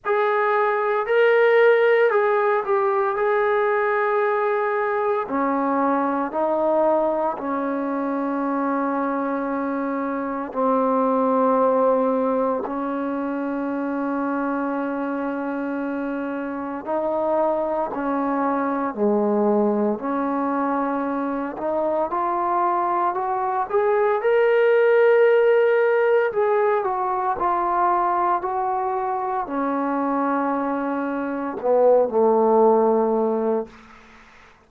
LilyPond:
\new Staff \with { instrumentName = "trombone" } { \time 4/4 \tempo 4 = 57 gis'4 ais'4 gis'8 g'8 gis'4~ | gis'4 cis'4 dis'4 cis'4~ | cis'2 c'2 | cis'1 |
dis'4 cis'4 gis4 cis'4~ | cis'8 dis'8 f'4 fis'8 gis'8 ais'4~ | ais'4 gis'8 fis'8 f'4 fis'4 | cis'2 b8 a4. | }